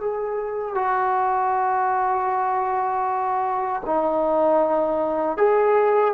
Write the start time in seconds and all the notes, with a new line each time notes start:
0.00 G#4
0.74 F#4
3.85 D#4
5.37 G#4